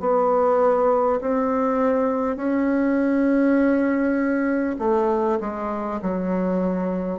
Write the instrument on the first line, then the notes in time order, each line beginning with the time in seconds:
bassoon
0.00 B3
1.21 C4
2.37 C#4
4.79 A3
5.41 G#3
6.02 F#3